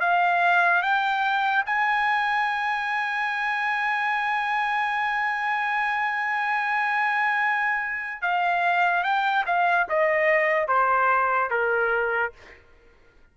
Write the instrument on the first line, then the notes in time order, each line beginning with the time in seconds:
trumpet
0.00 F5
0.82 G5
1.66 G#5
8.22 F5
9.03 G5
9.46 F5
9.89 D#5
10.68 C5
11.50 A#4